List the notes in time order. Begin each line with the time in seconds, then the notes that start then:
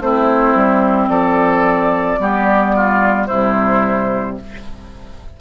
0.00 A3 C4 E4 C5
0.55 G3
1.07 F3 A4 D5
2.19 G3 B3 G4
2.75 F4
3.26 C3 G3 E4 C5